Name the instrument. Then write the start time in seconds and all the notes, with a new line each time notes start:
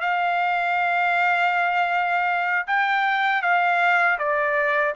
trumpet
0.00 F5
2.67 G5
3.42 F5
4.18 D5